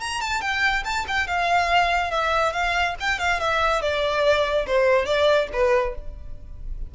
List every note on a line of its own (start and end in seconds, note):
0.00 0.21 A#5
0.21 0.41 A5
0.41 0.84 G5
0.84 1.05 A5
1.08 1.27 G5
1.27 2.11 F5
2.11 2.53 E5
2.53 2.95 F5
3.00 3.19 G5
3.19 3.40 F5
3.40 3.82 E5
3.82 4.66 D5
4.67 5.06 C5
5.06 5.48 D5
5.53 5.95 B4